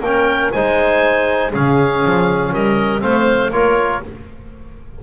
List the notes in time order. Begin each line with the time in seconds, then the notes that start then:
0.00 A#3 C#4 A#4 G5
0.52 G#3 D#4 C5 G#5
1.52 C#3 C#4 G#4 F5
2.05 F3
2.52 G3 A#4 D#5
2.99 A3 C4 C5 F5
3.50 A#3 F4 A#4 C#5